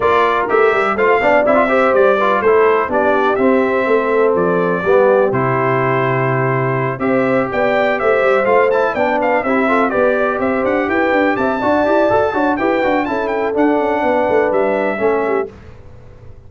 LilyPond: <<
  \new Staff \with { instrumentName = "trumpet" } { \time 4/4 \tempo 4 = 124 d''4 e''4 f''4 e''4 | d''4 c''4 d''4 e''4~ | e''4 d''2 c''4~ | c''2~ c''8 e''4 g''8~ |
g''8 e''4 f''8 a''8 g''8 f''8 e''8~ | e''8 d''4 e''8 fis''8 g''4 a''8~ | a''2 g''4 a''8 g''8 | fis''2 e''2 | }
  \new Staff \with { instrumentName = "horn" } { \time 4/4 ais'2 c''8 d''4 c''8~ | c''8 b'8 a'4 g'2 | a'2 g'2~ | g'2~ g'8 c''4 d''8~ |
d''8 c''2 d''8 b'8 g'8 | a'8 b'8 d''8 c''4 b'4 e''8 | d''4. cis''8 b'4 a'4~ | a'4 b'2 a'8 g'8 | }
  \new Staff \with { instrumentName = "trombone" } { \time 4/4 f'4 g'4 f'8 d'8 e'16 f'16 g'8~ | g'8 f'8 e'4 d'4 c'4~ | c'2 b4 e'4~ | e'2~ e'8 g'4.~ |
g'4. f'8 e'8 d'4 e'8 | f'8 g'2.~ g'8 | fis'8 g'8 a'8 fis'8 g'8 fis'8 e'4 | d'2. cis'4 | }
  \new Staff \with { instrumentName = "tuba" } { \time 4/4 ais4 a8 g8 a8 b8 c'4 | g4 a4 b4 c'4 | a4 f4 g4 c4~ | c2~ c8 c'4 b8~ |
b8 a8 g8 a4 b4 c'8~ | c'8 b4 c'8 d'8 e'8 d'8 c'8 | d'8 e'8 fis'8 d'8 e'8 d'8 cis'4 | d'8 cis'8 b8 a8 g4 a4 | }
>>